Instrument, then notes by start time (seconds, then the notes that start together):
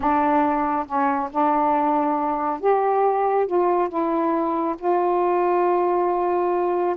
saxophone
0.00 D4
0.86 C#4
1.31 D4
2.60 G4
3.46 F4
3.88 E4
4.78 F4